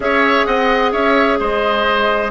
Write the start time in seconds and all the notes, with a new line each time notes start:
0.00 C#4 G#4 C#5 E5
0.45 C4 D#5 F#5
0.92 C#4 C#5 E5
1.39 G#3 C5 D#5